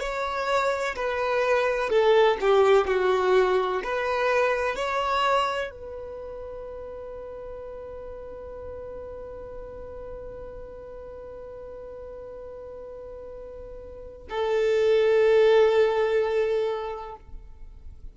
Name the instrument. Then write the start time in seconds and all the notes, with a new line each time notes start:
violin
0.00 C#5
0.96 B4
1.90 A4
2.40 G4
2.87 F#4
3.84 B4
4.76 C#5
5.71 B4
14.30 A4